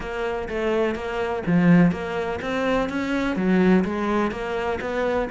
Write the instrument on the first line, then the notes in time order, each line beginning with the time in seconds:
cello
0.00 A#3
0.48 A3
0.95 A#3
1.46 F3
1.91 A#3
2.41 C4
2.89 C#4
3.36 F#3
3.84 G#3
4.31 A#3
4.80 B3